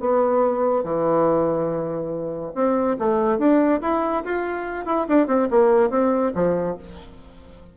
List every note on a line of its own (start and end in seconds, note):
0.00 0.83 B3
0.83 2.52 E3
2.54 2.97 C4
2.98 3.38 A3
3.38 3.80 D4
3.81 4.23 E4
4.24 4.85 F4
4.85 5.06 E4
5.08 5.27 D4
5.27 5.48 C4
5.50 5.90 A#3
5.90 6.32 C4
6.34 6.77 F3